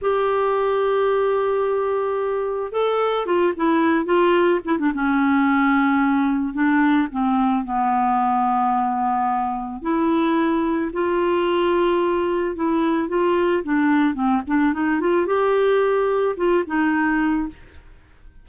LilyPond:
\new Staff \with { instrumentName = "clarinet" } { \time 4/4 \tempo 4 = 110 g'1~ | g'4 a'4 f'8 e'4 f'8~ | f'8 e'16 d'16 cis'2. | d'4 c'4 b2~ |
b2 e'2 | f'2. e'4 | f'4 d'4 c'8 d'8 dis'8 f'8 | g'2 f'8 dis'4. | }